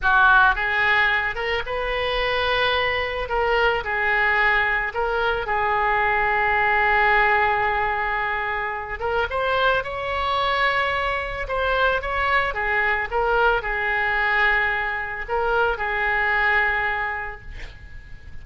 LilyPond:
\new Staff \with { instrumentName = "oboe" } { \time 4/4 \tempo 4 = 110 fis'4 gis'4. ais'8 b'4~ | b'2 ais'4 gis'4~ | gis'4 ais'4 gis'2~ | gis'1~ |
gis'8 ais'8 c''4 cis''2~ | cis''4 c''4 cis''4 gis'4 | ais'4 gis'2. | ais'4 gis'2. | }